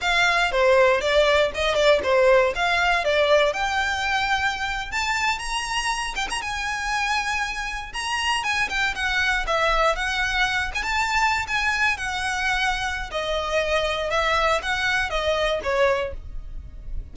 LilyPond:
\new Staff \with { instrumentName = "violin" } { \time 4/4 \tempo 4 = 119 f''4 c''4 d''4 dis''8 d''8 | c''4 f''4 d''4 g''4~ | g''4.~ g''16 a''4 ais''4~ ais''16~ | ais''16 g''16 ais''16 gis''2. ais''16~ |
ais''8. gis''8 g''8 fis''4 e''4 fis''16~ | fis''4~ fis''16 gis''16 a''4~ a''16 gis''4 fis''16~ | fis''2 dis''2 | e''4 fis''4 dis''4 cis''4 | }